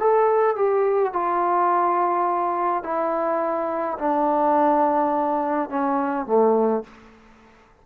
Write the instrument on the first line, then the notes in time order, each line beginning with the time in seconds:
trombone
0.00 A4
0.56 G4
1.13 F4
2.84 E4
3.99 D4
5.70 C#4
6.26 A3